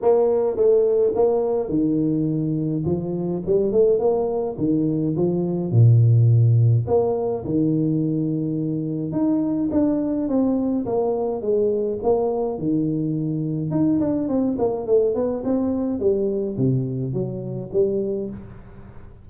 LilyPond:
\new Staff \with { instrumentName = "tuba" } { \time 4/4 \tempo 4 = 105 ais4 a4 ais4 dis4~ | dis4 f4 g8 a8 ais4 | dis4 f4 ais,2 | ais4 dis2. |
dis'4 d'4 c'4 ais4 | gis4 ais4 dis2 | dis'8 d'8 c'8 ais8 a8 b8 c'4 | g4 c4 fis4 g4 | }